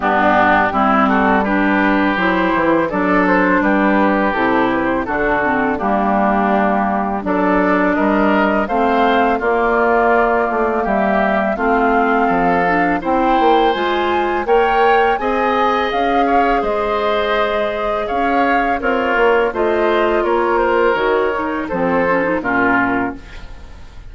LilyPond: <<
  \new Staff \with { instrumentName = "flute" } { \time 4/4 \tempo 4 = 83 g'4. a'8 b'4 c''4 | d''8 c''8 b'4 a'8 b'16 c''16 a'4 | g'2 d''4 dis''4 | f''4 d''2 e''4 |
f''2 g''4 gis''4 | g''4 gis''4 f''4 dis''4~ | dis''4 f''4 cis''4 dis''4 | cis''8 c''8 cis''4 c''4 ais'4 | }
  \new Staff \with { instrumentName = "oboe" } { \time 4/4 d'4 e'8 fis'8 g'2 | a'4 g'2 fis'4 | d'2 a'4 ais'4 | c''4 f'2 g'4 |
f'4 a'4 c''2 | cis''4 dis''4. cis''8 c''4~ | c''4 cis''4 f'4 c''4 | ais'2 a'4 f'4 | }
  \new Staff \with { instrumentName = "clarinet" } { \time 4/4 b4 c'4 d'4 e'4 | d'2 e'4 d'8 c'8 | ais2 d'2 | c'4 ais2. |
c'4. d'8 e'4 f'4 | ais'4 gis'2.~ | gis'2 ais'4 f'4~ | f'4 fis'8 dis'8 c'8 cis'16 dis'16 cis'4 | }
  \new Staff \with { instrumentName = "bassoon" } { \time 4/4 g,4 g2 fis8 e8 | fis4 g4 c4 d4 | g2 fis4 g4 | a4 ais4. a8 g4 |
a4 f4 c'8 ais8 gis4 | ais4 c'4 cis'4 gis4~ | gis4 cis'4 c'8 ais8 a4 | ais4 dis4 f4 ais,4 | }
>>